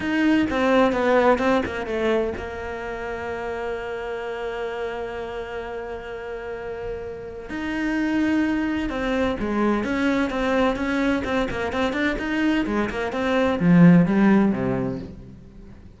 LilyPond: \new Staff \with { instrumentName = "cello" } { \time 4/4 \tempo 4 = 128 dis'4 c'4 b4 c'8 ais8 | a4 ais2.~ | ais1~ | ais1 |
dis'2. c'4 | gis4 cis'4 c'4 cis'4 | c'8 ais8 c'8 d'8 dis'4 gis8 ais8 | c'4 f4 g4 c4 | }